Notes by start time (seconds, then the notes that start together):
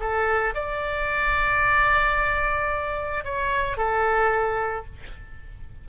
0.00 A4
0.54 D5
3.25 C#5
3.77 A4